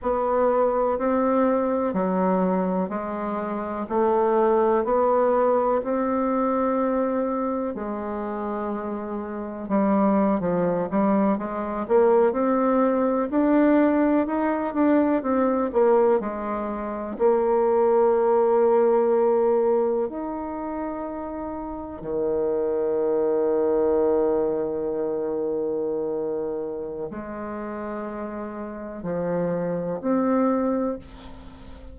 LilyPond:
\new Staff \with { instrumentName = "bassoon" } { \time 4/4 \tempo 4 = 62 b4 c'4 fis4 gis4 | a4 b4 c'2 | gis2 g8. f8 g8 gis16~ | gis16 ais8 c'4 d'4 dis'8 d'8 c'16~ |
c'16 ais8 gis4 ais2~ ais16~ | ais8. dis'2 dis4~ dis16~ | dis1 | gis2 f4 c'4 | }